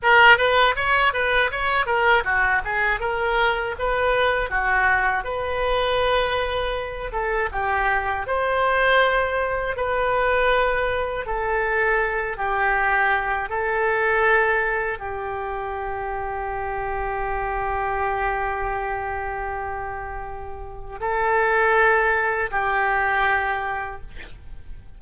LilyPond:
\new Staff \with { instrumentName = "oboe" } { \time 4/4 \tempo 4 = 80 ais'8 b'8 cis''8 b'8 cis''8 ais'8 fis'8 gis'8 | ais'4 b'4 fis'4 b'4~ | b'4. a'8 g'4 c''4~ | c''4 b'2 a'4~ |
a'8 g'4. a'2 | g'1~ | g'1 | a'2 g'2 | }